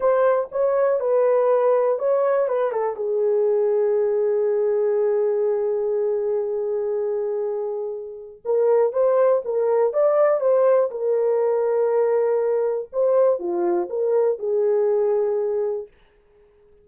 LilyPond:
\new Staff \with { instrumentName = "horn" } { \time 4/4 \tempo 4 = 121 c''4 cis''4 b'2 | cis''4 b'8 a'8 gis'2~ | gis'1~ | gis'1~ |
gis'4 ais'4 c''4 ais'4 | d''4 c''4 ais'2~ | ais'2 c''4 f'4 | ais'4 gis'2. | }